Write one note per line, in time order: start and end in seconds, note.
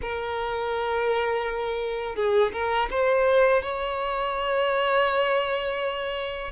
0.01 2.15 A#4
2.15 2.51 G#4
2.52 2.88 A#4
2.90 3.62 C5
3.62 6.51 C#5